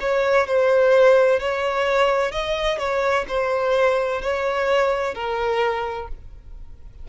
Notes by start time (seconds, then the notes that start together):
0.00 C#5
0.46 C5
1.39 C#5
2.31 D#5
2.78 C#5
3.28 C5
4.21 C#5
5.14 A#4